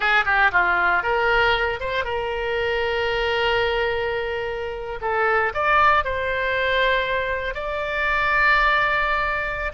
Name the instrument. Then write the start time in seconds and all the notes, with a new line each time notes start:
oboe
0.00 G#4
0.25 G4
0.51 F4
1.03 A#4
1.79 C5
2.04 A#4
5.01 A4
5.54 D5
6.04 C5
7.54 D5